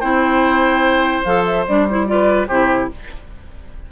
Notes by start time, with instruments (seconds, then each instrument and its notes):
0.00 bassoon C4, clarinet E4, oboe C5, flute G5
1.24 bassoon F3, clarinet A4, flute F5
1.45 flute E5
1.67 bassoon G3, clarinet D4, flute D5
1.89 clarinet E4, flute C5
2.07 clarinet F4, oboe B4, flute D5
2.48 bassoon C3, clarinet E4, oboe G4, flute C5